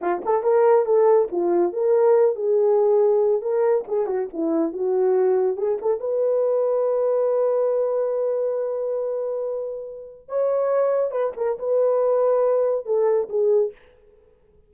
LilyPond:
\new Staff \with { instrumentName = "horn" } { \time 4/4 \tempo 4 = 140 f'8 a'8 ais'4 a'4 f'4 | ais'4. gis'2~ gis'8 | ais'4 gis'8 fis'8 e'4 fis'4~ | fis'4 gis'8 a'8 b'2~ |
b'1~ | b'1 | cis''2 b'8 ais'8 b'4~ | b'2 a'4 gis'4 | }